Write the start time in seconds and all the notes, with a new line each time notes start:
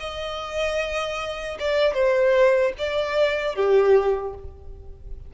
0.00 D#5
1.59 D5
1.94 C5
2.78 D5
3.55 G4